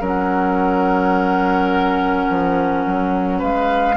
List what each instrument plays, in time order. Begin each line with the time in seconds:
0.00 bassoon F#3, clarinet C#4, oboe A#4, flute F#5
2.29 bassoon F3
2.85 bassoon F#3
3.38 bassoon G#3, oboe B4, flute F5